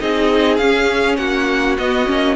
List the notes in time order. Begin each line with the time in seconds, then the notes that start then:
0.00 C4 D#4 G#4 D#5
0.57 C#4 F5
1.17 A#3 F#4 F#5
1.78 B3 D#5
2.06 A#3 C#4